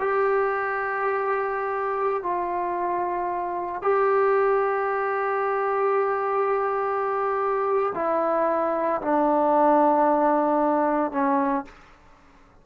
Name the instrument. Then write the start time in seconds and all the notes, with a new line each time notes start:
trombone
0.00 G4
2.23 F4
3.82 G4
7.95 E4
9.02 D4
11.12 C#4